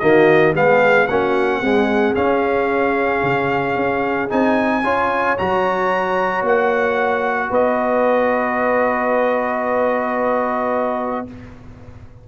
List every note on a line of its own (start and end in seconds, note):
0.00 0.55 D#3
0.00 0.55 A#3
0.00 0.55 F#4
0.00 0.54 D#5
0.55 1.08 G#3
0.55 1.09 B3
0.55 1.09 G#4
0.55 1.08 F5
1.08 1.62 A#3
1.08 1.64 C#4
1.08 1.61 F#4
1.08 2.15 F#5
1.61 2.15 G#3
1.61 2.16 C4
1.61 4.83 G#4
2.15 4.29 C#4
2.15 3.23 C#4
2.15 4.30 F5
3.23 3.77 C#3
3.77 4.30 C#4
4.30 4.84 C4
4.30 4.83 D#4
4.30 5.38 G#5
4.83 5.38 C#4
4.83 5.38 F4
4.83 7.50 C#5
5.38 6.43 F#3
5.38 11.28 F#4
5.38 6.46 A#5
6.43 7.50 A#3
6.43 7.54 F#5
7.50 11.26 B3
7.50 11.25 B4
7.50 11.29 D#5